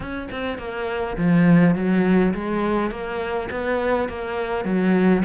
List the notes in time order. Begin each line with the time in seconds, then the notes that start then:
0.00 C#4
0.31 C4
0.58 A#3
1.17 F3
1.75 F#3
2.34 G#3
2.90 A#3
3.51 B3
4.08 A#3
4.64 F#3